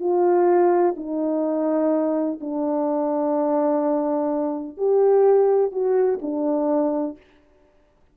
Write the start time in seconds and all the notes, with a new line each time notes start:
0.00 F4
0.97 D#4
2.40 D4
4.77 G4
5.72 F#4
6.22 D4